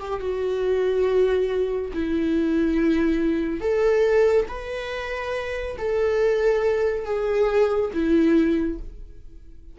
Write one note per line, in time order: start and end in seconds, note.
0.00 0.21 G4
0.21 1.92 F#4
1.94 3.61 E4
3.61 4.47 A4
4.48 5.77 B4
5.78 7.06 A4
7.06 7.91 G#4
7.94 8.79 E4